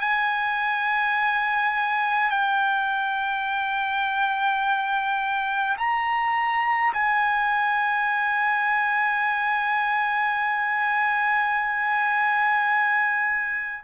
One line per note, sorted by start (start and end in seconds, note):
0.00 2.30 G#5
2.30 5.76 G5
5.77 6.92 A#5
6.93 13.84 G#5